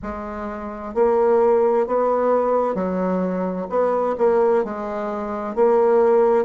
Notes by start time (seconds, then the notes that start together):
0.02 G#3
0.94 A#3
1.87 B3
2.74 F#3
3.69 B3
4.18 A#3
4.64 G#3
5.55 A#3